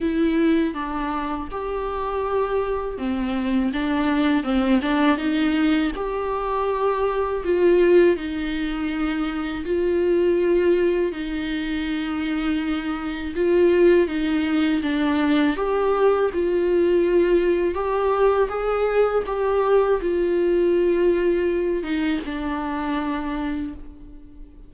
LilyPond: \new Staff \with { instrumentName = "viola" } { \time 4/4 \tempo 4 = 81 e'4 d'4 g'2 | c'4 d'4 c'8 d'8 dis'4 | g'2 f'4 dis'4~ | dis'4 f'2 dis'4~ |
dis'2 f'4 dis'4 | d'4 g'4 f'2 | g'4 gis'4 g'4 f'4~ | f'4. dis'8 d'2 | }